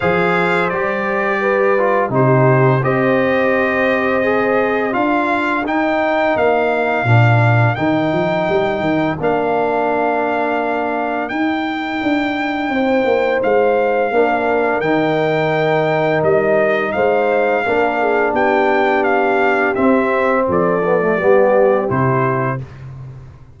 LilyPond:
<<
  \new Staff \with { instrumentName = "trumpet" } { \time 4/4 \tempo 4 = 85 f''4 d''2 c''4 | dis''2. f''4 | g''4 f''2 g''4~ | g''4 f''2. |
g''2. f''4~ | f''4 g''2 dis''4 | f''2 g''4 f''4 | e''4 d''2 c''4 | }
  \new Staff \with { instrumentName = "horn" } { \time 4/4 c''2 b'4 g'4 | c''2. ais'4~ | ais'1~ | ais'1~ |
ais'2 c''2 | ais'1 | c''4 ais'8 gis'8 g'2~ | g'4 a'4 g'2 | }
  \new Staff \with { instrumentName = "trombone" } { \time 4/4 gis'4 g'4. f'8 dis'4 | g'2 gis'4 f'4 | dis'2 d'4 dis'4~ | dis'4 d'2. |
dis'1 | d'4 dis'2.~ | dis'4 d'2. | c'4. b16 a16 b4 e'4 | }
  \new Staff \with { instrumentName = "tuba" } { \time 4/4 f4 g2 c4 | c'2. d'4 | dis'4 ais4 ais,4 dis8 f8 | g8 dis8 ais2. |
dis'4 d'4 c'8 ais8 gis4 | ais4 dis2 g4 | gis4 ais4 b2 | c'4 f4 g4 c4 | }
>>